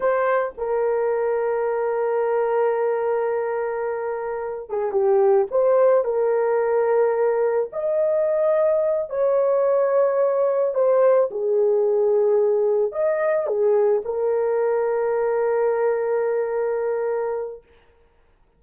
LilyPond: \new Staff \with { instrumentName = "horn" } { \time 4/4 \tempo 4 = 109 c''4 ais'2.~ | ais'1~ | ais'8 gis'8 g'4 c''4 ais'4~ | ais'2 dis''2~ |
dis''8 cis''2. c''8~ | c''8 gis'2. dis''8~ | dis''8 gis'4 ais'2~ ais'8~ | ais'1 | }